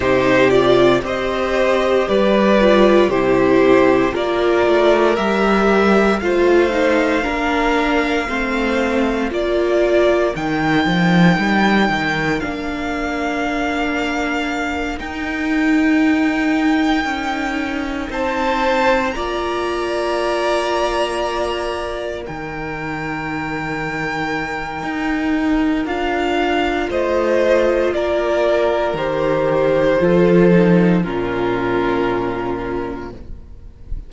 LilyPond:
<<
  \new Staff \with { instrumentName = "violin" } { \time 4/4 \tempo 4 = 58 c''8 d''8 dis''4 d''4 c''4 | d''4 e''4 f''2~ | f''4 d''4 g''2 | f''2~ f''8 g''4.~ |
g''4. a''4 ais''4.~ | ais''4. g''2~ g''8~ | g''4 f''4 dis''4 d''4 | c''2 ais'2 | }
  \new Staff \with { instrumentName = "violin" } { \time 4/4 g'4 c''4 b'4 g'4 | ais'2 c''4 ais'4 | c''4 ais'2.~ | ais'1~ |
ais'4. c''4 d''4.~ | d''4. ais'2~ ais'8~ | ais'2 c''4 ais'4~ | ais'4 a'4 f'2 | }
  \new Staff \with { instrumentName = "viola" } { \time 4/4 dis'8 f'8 g'4. f'8 e'4 | f'4 g'4 f'8 dis'8 d'4 | c'4 f'4 dis'2 | d'2~ d'8 dis'4.~ |
dis'2~ dis'8 f'4.~ | f'4. dis'2~ dis'8~ | dis'4 f'2. | g'4 f'8 dis'8 cis'2 | }
  \new Staff \with { instrumentName = "cello" } { \time 4/4 c4 c'4 g4 c4 | ais8 a8 g4 a4 ais4 | a4 ais4 dis8 f8 g8 dis8 | ais2~ ais8 dis'4.~ |
dis'8 cis'4 c'4 ais4.~ | ais4. dis2~ dis8 | dis'4 d'4 a4 ais4 | dis4 f4 ais,2 | }
>>